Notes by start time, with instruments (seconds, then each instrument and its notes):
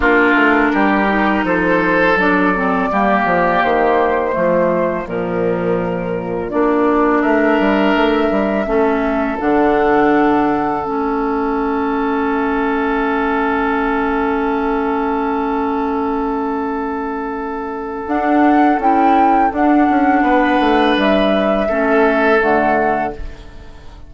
0.00 bassoon A#3, clarinet D4, oboe F4, flute A#4
0.34 bassoon A3
0.73 bassoon G3, oboe G4
1.07 clarinet D#4
1.43 bassoon F3, oboe A4, flute C5
2.15 bassoon F#3, clarinet D4, flute D5
2.55 clarinet C4
2.91 bassoon G3, clarinet A#3, oboe G4
3.25 bassoon F3
3.63 bassoon D#3, flute C5
4.31 bassoon F3, clarinet A3, oboe F4
5.06 bassoon A#2, clarinet F3, flute A#4
6.49 bassoon A#3, clarinet D4, flute D5
7.21 bassoon A3, oboe A#4, flute E5
7.59 bassoon G3
7.95 bassoon A3
8.30 bassoon G3
8.65 bassoon A3, clarinet C#4, oboe A4
9.38 bassoon D3, clarinet D4, flute F#5
10.84 bassoon A3, clarinet C#4, flute E5
18.06 bassoon D4, clarinet D4, flute F#5
18.78 bassoon C#4, clarinet E4, flute G5
19.50 clarinet D4, bassoon D4, flute F#5
19.89 bassoon C#4
20.22 bassoon B3, oboe B4
20.60 bassoon A3
20.96 bassoon G3, flute E5
21.68 bassoon A3, clarinet C#4, oboe A4
22.38 bassoon D3, clarinet A3, flute F#5